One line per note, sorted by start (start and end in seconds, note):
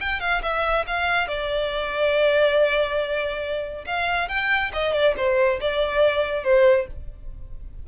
0.00 0.20 G5
0.20 0.41 F5
0.42 0.85 E5
0.87 1.28 F5
1.28 3.85 D5
3.86 4.29 F5
4.29 4.71 G5
4.73 4.93 D#5
4.93 5.14 D5
5.17 5.60 C5
5.60 6.44 D5
6.44 6.86 C5